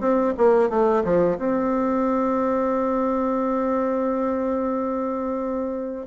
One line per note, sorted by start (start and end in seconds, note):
0.00 0.34 C4
0.37 0.69 A#3
0.69 1.03 A3
1.04 1.38 F3
1.38 6.07 C4